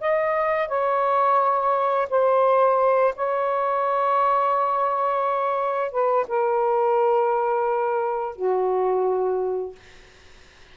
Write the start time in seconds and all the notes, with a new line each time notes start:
0.00 D#5
0.68 C#5
2.10 C5
3.16 C#5
5.91 B4
6.28 A#4
8.36 F#4